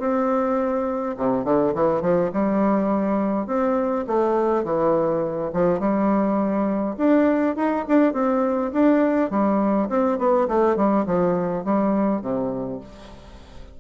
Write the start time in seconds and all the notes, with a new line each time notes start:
0.00 C4
1.18 C3
1.45 D3
1.75 E3
2.02 F3
2.33 G3
3.47 C4
4.08 A3
4.64 E3
5.54 F3
5.80 G3
6.98 D4
7.56 D#4
7.89 D4
8.14 C4
8.73 D4
9.31 G3
9.90 C4
10.19 B3
10.48 A3
10.77 G3
11.07 F3
11.65 G3
12.22 C3